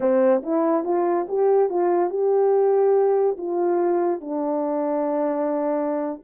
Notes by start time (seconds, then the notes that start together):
0.00 C4
0.42 E4
0.84 F4
1.28 G4
1.69 F4
2.10 G4
3.37 F4
4.20 D4